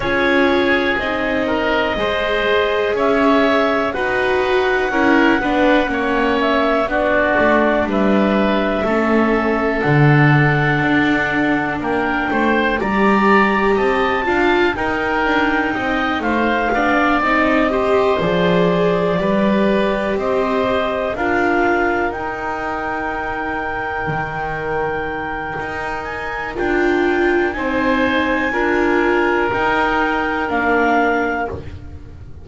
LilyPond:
<<
  \new Staff \with { instrumentName = "clarinet" } { \time 4/4 \tempo 4 = 61 cis''4 dis''2 e''4 | fis''2~ fis''8 e''8 d''4 | e''2 fis''2 | g''4 ais''4 a''4 g''4~ |
g''8 f''4 dis''4 d''4.~ | d''8 dis''4 f''4 g''4.~ | g''2~ g''8 gis''8 g''4 | gis''2 g''4 f''4 | }
  \new Staff \with { instrumentName = "oboe" } { \time 4/4 gis'4. ais'8 c''4 cis''4 | b'4 ais'8 b'8 cis''4 fis'4 | b'4 a'2. | ais'8 c''8 d''4 dis''8 f''8 ais'4 |
dis''8 c''8 d''4 c''4. b'8~ | b'8 c''4 ais'2~ ais'8~ | ais'1 | c''4 ais'2. | }
  \new Staff \with { instrumentName = "viola" } { \time 4/4 f'4 dis'4 gis'2 | fis'4 e'8 d'8 cis'4 d'4~ | d'4 cis'4 d'2~ | d'4 g'4. f'8 dis'4~ |
dis'4 d'8 dis'8 g'8 gis'4 g'8~ | g'4. f'4 dis'4.~ | dis'2. f'4 | dis'4 f'4 dis'4 d'4 | }
  \new Staff \with { instrumentName = "double bass" } { \time 4/4 cis'4 c'4 gis4 cis'4 | dis'4 cis'8 b8 ais4 b8 a8 | g4 a4 d4 d'4 | ais8 a8 g4 c'8 d'8 dis'8 d'8 |
c'8 a8 b8 c'4 f4 g8~ | g8 c'4 d'4 dis'4.~ | dis'8 dis4. dis'4 d'4 | c'4 d'4 dis'4 ais4 | }
>>